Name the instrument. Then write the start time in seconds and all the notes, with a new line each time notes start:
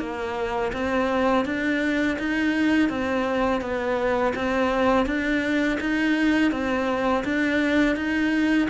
cello
0.00 A#3
0.73 C4
1.46 D4
2.19 D#4
2.89 C4
3.61 B3
4.36 C4
5.06 D4
5.81 D#4
6.52 C4
7.25 D4
7.96 D#4